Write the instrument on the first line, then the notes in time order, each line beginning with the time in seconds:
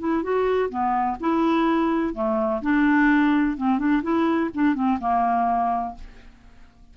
clarinet
0.00 E4
0.23 F#4
0.70 B3
1.21 E4
2.14 A3
2.62 D4
3.57 C4
3.79 D4
4.03 E4
4.55 D4
4.75 C4
5.00 A#3